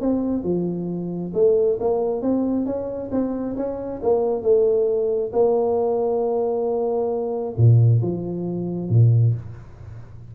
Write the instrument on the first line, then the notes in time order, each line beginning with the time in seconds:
tuba
0.00 C4
0.43 F3
1.34 A3
1.80 A#3
2.21 C4
2.65 C#4
3.11 C4
3.56 C#4
4.02 A#3
4.42 A3
5.33 A#3
7.57 A#2
8.01 F3
8.89 A#2